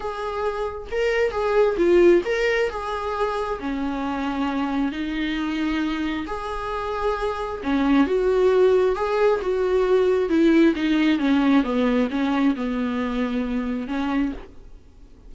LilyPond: \new Staff \with { instrumentName = "viola" } { \time 4/4 \tempo 4 = 134 gis'2 ais'4 gis'4 | f'4 ais'4 gis'2 | cis'2. dis'4~ | dis'2 gis'2~ |
gis'4 cis'4 fis'2 | gis'4 fis'2 e'4 | dis'4 cis'4 b4 cis'4 | b2. cis'4 | }